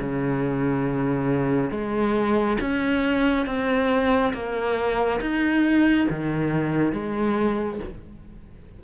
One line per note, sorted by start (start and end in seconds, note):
0.00 1.71 C#3
1.71 2.58 G#3
2.61 3.46 C#4
3.46 4.33 C4
4.34 5.21 A#3
5.21 6.08 D#4
6.10 6.93 D#3
6.93 7.80 G#3